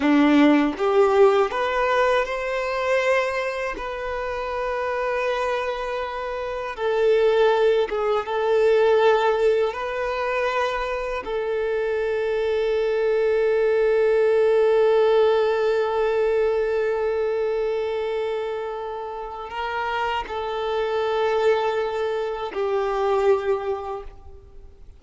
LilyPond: \new Staff \with { instrumentName = "violin" } { \time 4/4 \tempo 4 = 80 d'4 g'4 b'4 c''4~ | c''4 b'2.~ | b'4 a'4. gis'8 a'4~ | a'4 b'2 a'4~ |
a'1~ | a'1~ | a'2 ais'4 a'4~ | a'2 g'2 | }